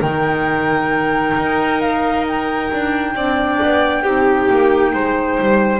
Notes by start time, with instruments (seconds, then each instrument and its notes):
0.00 double bass D#3, clarinet D#4, violin A#4, flute G5
1.36 double bass D#4
1.80 flute F5
2.27 flute G5
2.73 double bass D4
3.15 double bass C4, clarinet D4, violin D5
3.62 double bass B3
4.03 double bass C4, clarinet D#4, violin G4
4.50 double bass A#3
4.93 double bass G#3, violin C5
5.40 double bass G3